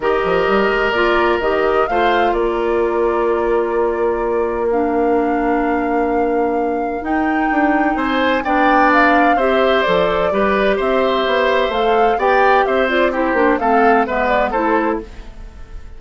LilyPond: <<
  \new Staff \with { instrumentName = "flute" } { \time 4/4 \tempo 4 = 128 dis''2 d''4 dis''4 | f''4 d''2.~ | d''2 f''2~ | f''2. g''4~ |
g''4 gis''4 g''4 f''4 | e''4 d''2 e''4~ | e''4 f''4 g''4 e''8 d''8 | c''4 f''4 e''8 d''8 c''4 | }
  \new Staff \with { instrumentName = "oboe" } { \time 4/4 ais'1 | c''4 ais'2.~ | ais'1~ | ais'1~ |
ais'4 c''4 d''2 | c''2 b'4 c''4~ | c''2 d''4 c''4 | g'4 a'4 b'4 a'4 | }
  \new Staff \with { instrumentName = "clarinet" } { \time 4/4 g'2 f'4 g'4 | f'1~ | f'2 d'2~ | d'2. dis'4~ |
dis'2 d'2 | g'4 a'4 g'2~ | g'4 a'4 g'4. f'8 | e'8 d'8 c'4 b4 e'4 | }
  \new Staff \with { instrumentName = "bassoon" } { \time 4/4 dis8 f8 g8 gis8 ais4 dis4 | a4 ais2.~ | ais1~ | ais2. dis'4 |
d'4 c'4 b2 | c'4 f4 g4 c'4 | b4 a4 b4 c'4~ | c'8 ais8 a4 gis4 a4 | }
>>